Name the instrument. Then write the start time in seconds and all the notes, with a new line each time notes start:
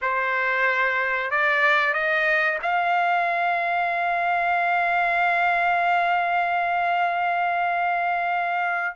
trumpet
0.01 C5
1.30 D5
1.93 D#5
2.62 F5